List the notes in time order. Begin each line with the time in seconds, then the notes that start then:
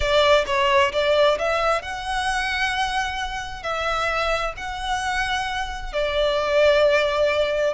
0.00 D5
0.46 C#5
0.92 D5
1.38 E5
1.82 F#5
3.62 E5
4.56 F#5
5.92 D5